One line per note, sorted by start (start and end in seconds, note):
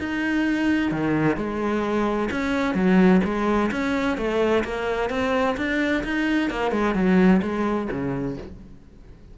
0.00 0.92 D#4
0.92 1.37 D#3
1.37 2.30 G#3
2.31 2.75 C#4
2.75 3.22 F#3
3.25 3.71 G#3
3.72 4.18 C#4
4.18 4.64 A3
4.65 5.10 A#3
5.10 5.56 C4
5.57 6.04 D4
6.04 6.51 D#4
6.51 6.72 A#3
6.72 6.95 G#3
6.95 7.42 F#3
7.43 7.89 G#3
7.91 8.38 C#3